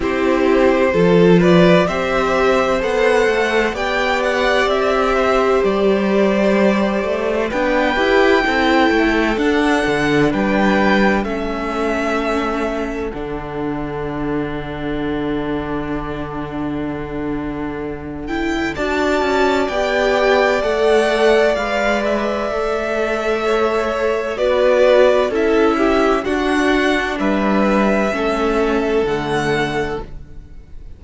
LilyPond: <<
  \new Staff \with { instrumentName = "violin" } { \time 4/4 \tempo 4 = 64 c''4. d''8 e''4 fis''4 | g''8 fis''8 e''4 d''2 | g''2 fis''4 g''4 | e''2 fis''2~ |
fis''2.~ fis''8 g''8 | a''4 g''4 fis''4 f''8 e''8~ | e''2 d''4 e''4 | fis''4 e''2 fis''4 | }
  \new Staff \with { instrumentName = "violin" } { \time 4/4 g'4 a'8 b'8 c''2 | d''4. c''2~ c''8 | b'4 a'2 b'4 | a'1~ |
a'1 | d''1~ | d''4 cis''4 b'4 a'8 g'8 | fis'4 b'4 a'2 | }
  \new Staff \with { instrumentName = "viola" } { \time 4/4 e'4 f'4 g'4 a'4 | g'1 | d'8 g'8 e'4 d'2 | cis'2 d'2~ |
d'2.~ d'8 e'8 | fis'4 g'4 a'4 b'4 | a'2 fis'4 e'4 | d'2 cis'4 a4 | }
  \new Staff \with { instrumentName = "cello" } { \time 4/4 c'4 f4 c'4 b8 a8 | b4 c'4 g4. a8 | b8 e'8 c'8 a8 d'8 d8 g4 | a2 d2~ |
d1 | d'8 cis'8 b4 a4 gis4 | a2 b4 cis'4 | d'4 g4 a4 d4 | }
>>